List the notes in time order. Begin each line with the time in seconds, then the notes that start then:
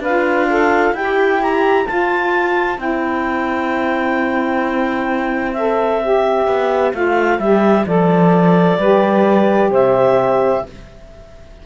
0.00 D4 F4 B4 F5
0.50 A4
0.93 E4 G4 G5
1.42 A#5
1.85 F4 C5 A5
2.77 C4 E4 G5
5.54 A4 E5
6.02 G4
6.47 B3
6.94 A3 F4 F5
7.39 G3 G4 E5
7.87 F3 A4 D5
8.78 G3 G4 B4
9.71 C3 C5 E5